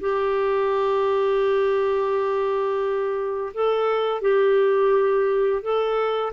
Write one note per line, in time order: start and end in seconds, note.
0.00 3.53 G4
3.54 4.21 A4
4.21 5.62 G4
5.62 6.32 A4